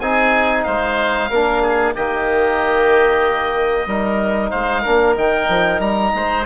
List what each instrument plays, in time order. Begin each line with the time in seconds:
0.00 bassoon C4, trombone D#4, oboe G#4 G#5
0.64 bassoon G#3, oboe C5 F5
1.30 bassoon A#3, trombone D4, oboe A#4
1.63 oboe G#4
1.95 bassoon D#3, trombone A#3, oboe G4 D#5
3.87 bassoon G3, trombone D#4, oboe A#4
4.51 bassoon G#3, oboe C5 F5
4.83 bassoon A#3, trombone D4, oboe A#4
5.17 bassoon D#3, trombone D#4, oboe G5
5.49 bassoon F3
5.80 bassoon G3, oboe A#5
6.15 bassoon G#3, oboe C5